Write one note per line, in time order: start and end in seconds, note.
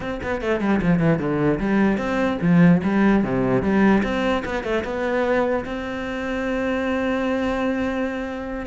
0.00 0.20 C4
0.22 0.41 B3
0.41 0.60 A3
0.60 0.80 G3
0.81 0.99 F3
0.99 1.18 E3
1.18 1.59 D3
1.59 1.97 G3
1.97 2.37 C4
2.41 2.81 F3
2.83 3.23 G3
3.23 3.62 C3
3.62 4.02 G3
4.03 4.43 C4
4.45 4.63 B3
4.63 4.83 A3
4.84 5.64 B3
5.65 8.66 C4